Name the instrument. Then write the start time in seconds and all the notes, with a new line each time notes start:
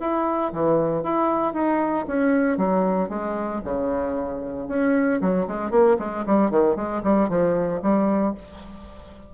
bassoon
0.00 E4
0.53 E3
1.03 E4
1.54 D#4
2.08 C#4
2.57 F#3
3.09 G#3
3.64 C#3
4.69 C#4
5.21 F#3
5.48 G#3
5.71 A#3
5.99 G#3
6.26 G3
6.51 D#3
6.76 G#3
7.04 G3
7.29 F3
7.82 G3